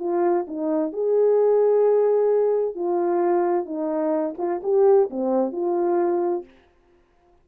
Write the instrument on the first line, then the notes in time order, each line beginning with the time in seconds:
horn
0.00 F4
0.48 D#4
0.93 G#4
2.75 F4
3.66 D#4
4.38 F4
4.64 G4
5.11 C4
5.53 F4